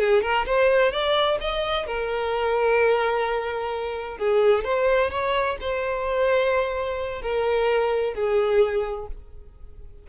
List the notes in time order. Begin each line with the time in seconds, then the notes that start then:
0.00 G#4
0.23 A#4
0.47 C5
0.92 D5
1.41 D#5
1.87 A#4
4.18 G#4
4.65 C5
5.11 C#5
5.61 C5
7.22 A#4
8.15 G#4